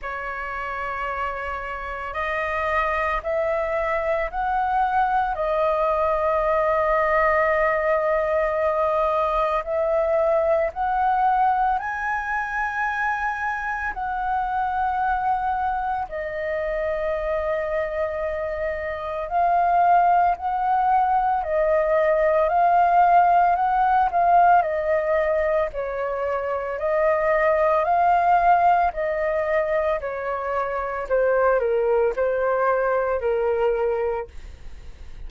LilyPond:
\new Staff \with { instrumentName = "flute" } { \time 4/4 \tempo 4 = 56 cis''2 dis''4 e''4 | fis''4 dis''2.~ | dis''4 e''4 fis''4 gis''4~ | gis''4 fis''2 dis''4~ |
dis''2 f''4 fis''4 | dis''4 f''4 fis''8 f''8 dis''4 | cis''4 dis''4 f''4 dis''4 | cis''4 c''8 ais'8 c''4 ais'4 | }